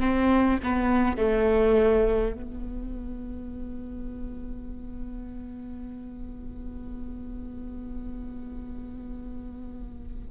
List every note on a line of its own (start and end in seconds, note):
0.00 0.59 C4
0.63 1.17 B3
1.17 2.33 A3
2.33 10.27 B3